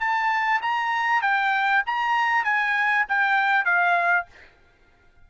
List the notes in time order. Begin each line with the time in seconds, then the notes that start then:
0.00 A5
0.62 A#5
1.22 G5
1.86 A#5
2.44 G#5
3.09 G5
3.65 F5